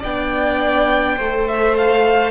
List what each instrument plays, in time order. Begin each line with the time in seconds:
0.00 cello B3, viola D4, violin D5 G5
1.17 cello A3, viola A4, violin C5
1.48 violin E5
1.78 violin F5